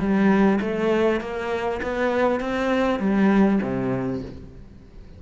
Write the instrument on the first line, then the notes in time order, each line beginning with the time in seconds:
cello
0.00 G3
0.61 A3
1.21 A#3
1.83 B3
2.41 C4
3.00 G3
3.63 C3